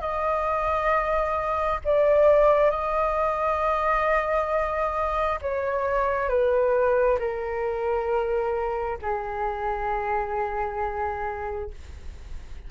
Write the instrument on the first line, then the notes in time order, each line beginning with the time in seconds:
flute
0.00 D#5
1.84 D5
2.70 D#5
5.41 C#5
6.28 B4
7.18 A#4
9.02 G#4